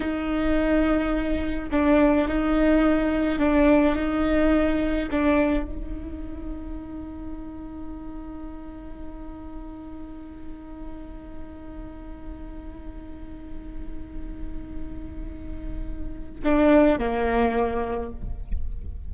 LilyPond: \new Staff \with { instrumentName = "viola" } { \time 4/4 \tempo 4 = 106 dis'2. d'4 | dis'2 d'4 dis'4~ | dis'4 d'4 dis'2~ | dis'1~ |
dis'1~ | dis'1~ | dis'1~ | dis'4 d'4 ais2 | }